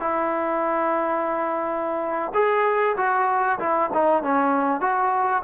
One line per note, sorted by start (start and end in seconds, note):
0.00 2.32 E4
2.34 2.96 G#4
2.97 3.59 F#4
3.59 3.90 E4
3.94 4.23 D#4
4.23 4.81 C#4
4.81 5.43 F#4